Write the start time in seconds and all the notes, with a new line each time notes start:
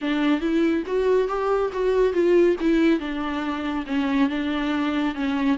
0.01 D4
0.40 E4
0.86 F#4
1.28 G4
1.72 F#4
2.13 F4
2.60 E4
2.99 D4
3.86 C#4
4.29 D4
5.14 C#4